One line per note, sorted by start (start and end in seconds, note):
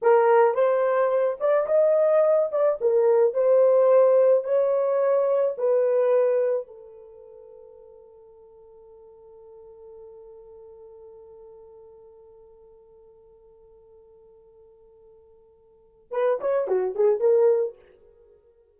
0.02 0.54 A#4
0.54 1.37 C5
1.39 1.66 D5
1.66 2.49 D#5
2.51 2.79 D5
2.80 3.33 A#4
3.33 4.43 C5
4.43 5.55 C#5
5.57 6.66 B4
6.66 16.11 A4
16.11 16.39 B4
16.40 16.67 C#5
16.67 16.95 F#4
16.95 17.20 G#4
17.20 17.75 A#4